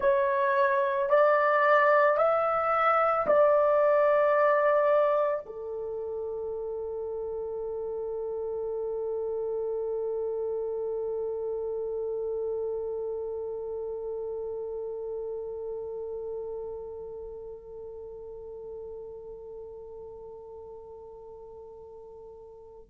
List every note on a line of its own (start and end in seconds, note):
0.00 1.09 C#5
1.09 2.17 D5
2.17 3.26 E5
3.26 5.44 D5
5.45 22.90 A4